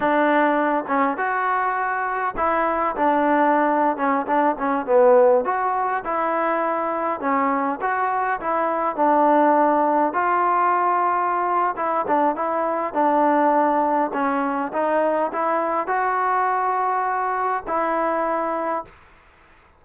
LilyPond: \new Staff \with { instrumentName = "trombone" } { \time 4/4 \tempo 4 = 102 d'4. cis'8 fis'2 | e'4 d'4.~ d'16 cis'8 d'8 cis'16~ | cis'16 b4 fis'4 e'4.~ e'16~ | e'16 cis'4 fis'4 e'4 d'8.~ |
d'4~ d'16 f'2~ f'8. | e'8 d'8 e'4 d'2 | cis'4 dis'4 e'4 fis'4~ | fis'2 e'2 | }